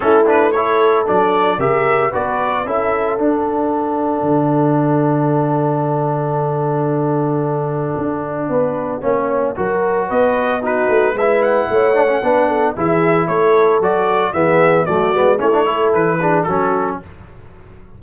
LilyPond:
<<
  \new Staff \with { instrumentName = "trumpet" } { \time 4/4 \tempo 4 = 113 a'8 b'8 cis''4 d''4 e''4 | d''4 e''4 fis''2~ | fis''1~ | fis''1~ |
fis''2. dis''4 | b'4 e''8 fis''2~ fis''8 | e''4 cis''4 d''4 e''4 | d''4 cis''4 b'4 a'4 | }
  \new Staff \with { instrumentName = "horn" } { \time 4/4 e'4 a'2 ais'4 | b'4 a'2.~ | a'1~ | a'1 |
b'4 cis''4 ais'4 b'4 | fis'4 b'4 cis''4 b'8 a'8 | gis'4 a'2 gis'4 | fis'4 e'8 a'4 gis'8 fis'4 | }
  \new Staff \with { instrumentName = "trombone" } { \time 4/4 cis'8 d'8 e'4 d'4 g'4 | fis'4 e'4 d'2~ | d'1~ | d'1~ |
d'4 cis'4 fis'2 | dis'4 e'4. d'16 cis'16 d'4 | e'2 fis'4 b4 | a8 b8 cis'16 d'16 e'4 d'8 cis'4 | }
  \new Staff \with { instrumentName = "tuba" } { \time 4/4 a2 fis4 cis4 | b4 cis'4 d'2 | d1~ | d2. d'4 |
b4 ais4 fis4 b4~ | b8 a8 gis4 a4 b4 | e4 a4 fis4 e4 | fis8 gis8 a4 e4 fis4 | }
>>